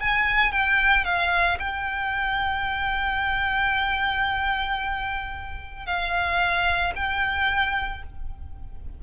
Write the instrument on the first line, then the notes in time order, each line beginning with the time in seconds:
violin
0.00 G#5
0.52 G5
1.05 F5
1.59 G5
5.86 F5
6.96 G5